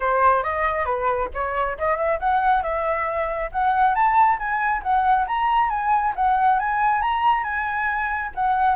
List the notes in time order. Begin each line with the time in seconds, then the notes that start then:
0.00 C5
0.43 D#5
0.85 B4
1.34 C#5
1.77 D#5
1.97 E5
2.19 F#5
2.62 E5
3.52 F#5
3.94 A5
4.38 G#5
4.82 F#5
5.27 A#5
5.69 G#5
6.15 F#5
6.59 G#5
7.01 A#5
7.43 G#5
8.35 F#5